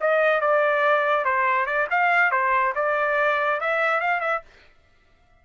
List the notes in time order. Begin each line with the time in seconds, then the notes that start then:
0.00 D#5
0.40 D5
1.25 C5
1.66 D5
1.90 F5
2.31 C5
2.75 D5
3.60 E5
4.00 F5
4.20 E5